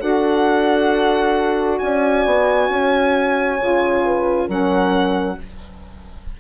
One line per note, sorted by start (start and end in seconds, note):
0.00 1.81 D4
0.00 3.58 F#4
0.00 1.80 A4
0.00 1.79 F#5
1.79 2.26 C#4
1.79 2.71 D5
1.79 4.47 G#5
2.26 2.69 B3
2.69 3.59 C#4
2.69 4.05 C#5
3.60 4.49 C#3
3.60 4.49 F4
4.05 4.48 B4
4.48 5.38 F#3
4.48 5.38 C#4
4.48 5.37 A#4
4.48 5.40 F#5